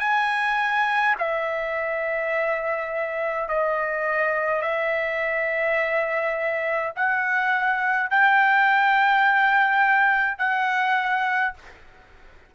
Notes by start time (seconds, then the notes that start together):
0.00 G#5
1.19 E5
3.49 D#5
4.62 E5
6.96 F#5
8.10 G5
10.38 F#5